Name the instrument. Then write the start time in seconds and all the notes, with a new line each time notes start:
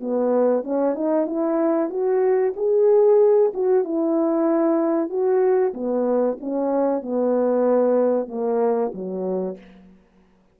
horn
0.00 B3
0.63 C#4
0.95 D#4
1.26 E4
1.89 F#4
2.56 G#4
3.54 F#4
3.84 E4
5.09 F#4
5.74 B3
6.40 C#4
7.02 B3
8.28 A#3
8.94 F#3